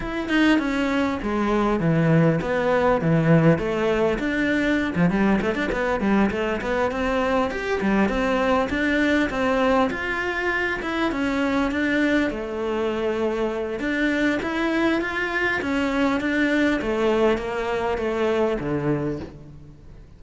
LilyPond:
\new Staff \with { instrumentName = "cello" } { \time 4/4 \tempo 4 = 100 e'8 dis'8 cis'4 gis4 e4 | b4 e4 a4 d'4~ | d'16 f16 g8 a16 d'16 b8 g8 a8 b8 c'8~ | c'8 g'8 g8 c'4 d'4 c'8~ |
c'8 f'4. e'8 cis'4 d'8~ | d'8 a2~ a8 d'4 | e'4 f'4 cis'4 d'4 | a4 ais4 a4 d4 | }